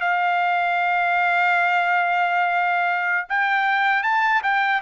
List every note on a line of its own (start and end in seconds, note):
0.00 3.27 F5
3.28 4.03 G5
4.03 4.41 A5
4.43 4.81 G5